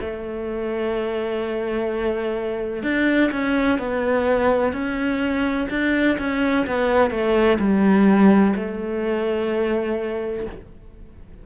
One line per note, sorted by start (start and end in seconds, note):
0.00 2.83 A3
2.83 3.30 D4
3.31 3.78 C#4
3.78 4.72 B3
4.72 5.68 C#4
5.69 6.17 D4
6.18 6.66 C#4
6.66 7.10 B3
7.10 7.58 A3
7.58 8.54 G3
8.55 10.45 A3